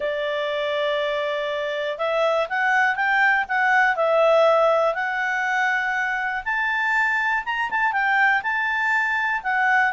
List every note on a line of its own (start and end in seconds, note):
0.00 1.98 D5
1.98 2.47 E5
2.49 2.95 F#5
2.95 3.45 G5
3.48 3.96 F#5
3.96 4.94 E5
4.94 6.43 F#5
6.44 7.44 A5
7.45 7.70 A#5
7.70 7.92 A5
7.92 8.41 G5
8.42 9.41 A5
9.43 9.92 F#5